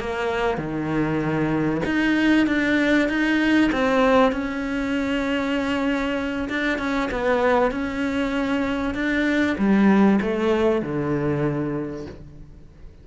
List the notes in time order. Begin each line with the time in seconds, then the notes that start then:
0.00 A#3
0.58 D#3
1.86 D#4
2.47 D4
3.09 D#4
3.72 C4
4.32 C#4
6.50 D4
6.79 C#4
7.11 B3
7.72 C#4
8.95 D4
9.58 G3
10.21 A3
10.82 D3